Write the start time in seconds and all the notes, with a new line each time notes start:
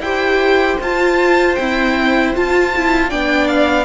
0.00 E4 G4 C5 G5
0.81 F4 A5
1.55 C4 E4 G5
2.34 F4 A5
2.76 E4
3.09 B3 D4 D5 G5
3.48 F5